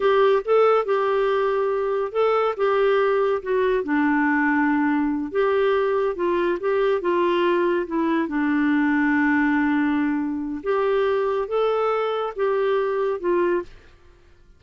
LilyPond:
\new Staff \with { instrumentName = "clarinet" } { \time 4/4 \tempo 4 = 141 g'4 a'4 g'2~ | g'4 a'4 g'2 | fis'4 d'2.~ | d'8 g'2 f'4 g'8~ |
g'8 f'2 e'4 d'8~ | d'1~ | d'4 g'2 a'4~ | a'4 g'2 f'4 | }